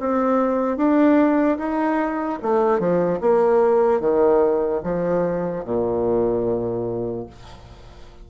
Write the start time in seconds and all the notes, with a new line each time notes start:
0.00 C4
0.77 D4
1.58 D#4
2.42 A3
2.79 F3
3.21 A#3
4.00 D#3
4.84 F3
5.65 A#2